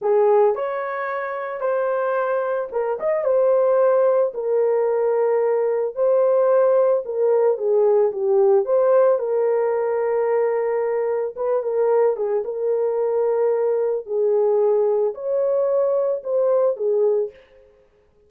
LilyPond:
\new Staff \with { instrumentName = "horn" } { \time 4/4 \tempo 4 = 111 gis'4 cis''2 c''4~ | c''4 ais'8 dis''8 c''2 | ais'2. c''4~ | c''4 ais'4 gis'4 g'4 |
c''4 ais'2.~ | ais'4 b'8 ais'4 gis'8 ais'4~ | ais'2 gis'2 | cis''2 c''4 gis'4 | }